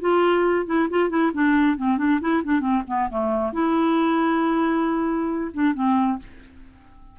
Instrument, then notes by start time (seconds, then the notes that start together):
clarinet
0.00 F4
0.66 E4
0.90 F4
1.09 E4
1.33 D4
1.77 C4
1.98 D4
2.20 E4
2.44 D4
2.60 C4
2.87 B3
3.10 A3
3.52 E4
5.53 D4
5.74 C4